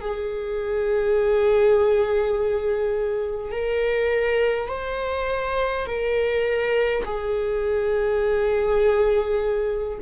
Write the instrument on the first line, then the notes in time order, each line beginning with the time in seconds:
viola
0.00 G#4
3.51 A#4
4.68 C5
5.86 A#4
7.04 G#4